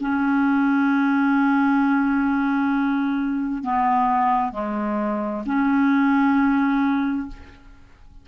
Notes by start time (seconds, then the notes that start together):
0.00 C#4
3.63 B3
4.52 G#3
5.46 C#4